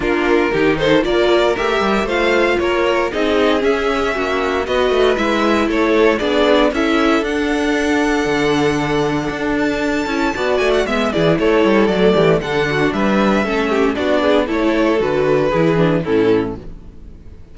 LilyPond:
<<
  \new Staff \with { instrumentName = "violin" } { \time 4/4 \tempo 4 = 116 ais'4. c''8 d''4 e''4 | f''4 cis''4 dis''4 e''4~ | e''4 dis''4 e''4 cis''4 | d''4 e''4 fis''2~ |
fis''2~ fis''8 a''4.~ | a''8 gis''16 fis''16 e''8 d''8 cis''4 d''4 | fis''4 e''2 d''4 | cis''4 b'2 a'4 | }
  \new Staff \with { instrumentName = "violin" } { \time 4/4 f'4 g'8 a'8 ais'2 | c''4 ais'4 gis'2 | fis'4 b'2 a'4 | gis'4 a'2.~ |
a'1 | d''4 e''8 gis'8 a'4. g'8 | a'8 fis'8 b'4 a'8 g'8 fis'8 gis'8 | a'2 gis'4 e'4 | }
  \new Staff \with { instrumentName = "viola" } { \time 4/4 d'4 dis'4 f'4 g'4 | f'2 dis'4 cis'4~ | cis'4 fis'4 e'2 | d'4 e'4 d'2~ |
d'2.~ d'8 e'8 | fis'4 b8 e'4. a4 | d'2 cis'4 d'4 | e'4 fis'4 e'8 d'8 cis'4 | }
  \new Staff \with { instrumentName = "cello" } { \time 4/4 ais4 dis4 ais4 a8 g8 | a4 ais4 c'4 cis'4 | ais4 b8 a8 gis4 a4 | b4 cis'4 d'2 |
d2 d'4. cis'8 | b8 a8 gis8 e8 a8 g8 fis8 e8 | d4 g4 a4 b4 | a4 d4 e4 a,4 | }
>>